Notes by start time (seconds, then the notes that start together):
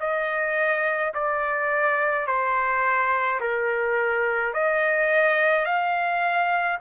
0.00 D#5
1.14 D5
2.27 C5
3.40 A#4
4.54 D#5
5.65 F5